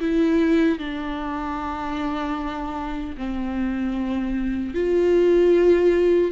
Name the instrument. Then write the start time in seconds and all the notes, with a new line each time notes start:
viola
0.00 E4
0.79 D4
3.17 C4
4.74 F4